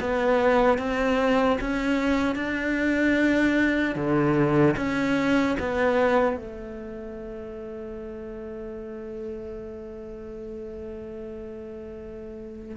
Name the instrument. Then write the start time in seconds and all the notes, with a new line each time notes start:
cello
0.00 B3
0.78 C4
1.60 C#4
2.35 D4
3.95 D3
4.76 C#4
5.59 B3
6.36 A3